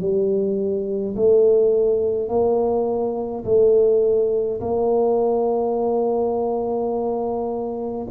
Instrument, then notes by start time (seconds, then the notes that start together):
tuba
0.00 G3
1.15 A3
2.29 A#3
3.45 A3
4.60 A#3